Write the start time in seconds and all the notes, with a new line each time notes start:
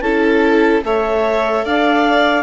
0.00 C#4 E4 A4 A5
0.82 A3 A4 C#5 E5
1.65 D4 D5 F5